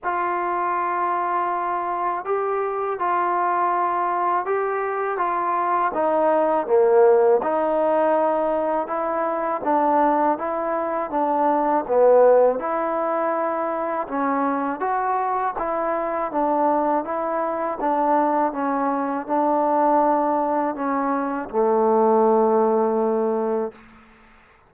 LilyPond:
\new Staff \with { instrumentName = "trombone" } { \time 4/4 \tempo 4 = 81 f'2. g'4 | f'2 g'4 f'4 | dis'4 ais4 dis'2 | e'4 d'4 e'4 d'4 |
b4 e'2 cis'4 | fis'4 e'4 d'4 e'4 | d'4 cis'4 d'2 | cis'4 a2. | }